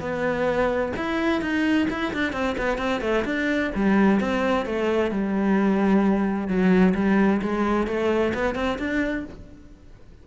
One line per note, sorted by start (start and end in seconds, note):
0.00 0.92 B3
0.97 1.41 E4
1.41 1.87 D#4
1.90 2.13 E4
2.13 2.32 D4
2.32 2.56 C4
2.58 2.78 B3
2.78 3.01 C4
3.01 3.24 A3
3.25 3.71 D4
3.75 4.20 G3
4.20 4.66 C4
4.66 5.11 A3
5.11 6.48 G3
6.48 6.94 F#3
6.95 7.41 G3
7.42 7.87 G#3
7.87 8.33 A3
8.34 8.55 B3
8.55 8.78 C4
8.79 9.25 D4